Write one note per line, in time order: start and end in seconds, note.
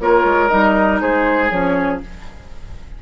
0.00 0.25 A#3
0.00 0.50 F4
0.00 1.02 A#4
0.00 0.48 C#5
0.25 0.50 G#3
0.48 1.02 G3
0.48 1.51 D#4
0.48 0.99 D#5
1.01 1.51 G#3
1.01 2.03 G#4
1.01 1.50 C5
1.50 2.01 F3
1.50 2.01 C#4
1.50 2.00 C#5